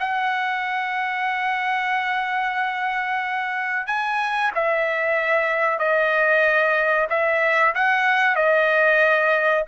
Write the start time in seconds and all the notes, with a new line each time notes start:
0.00 F#5
3.87 G#5
4.55 E5
5.79 D#5
7.10 E5
7.75 F#5
8.36 D#5